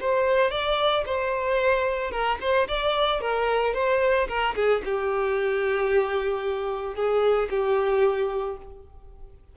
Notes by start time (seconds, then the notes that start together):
0.00 C5
0.51 D5
1.05 C5
2.11 A#4
2.41 C5
2.68 D5
3.21 A#4
3.74 C5
4.28 A#4
4.55 G#4
4.85 G4
6.95 G#4
7.50 G4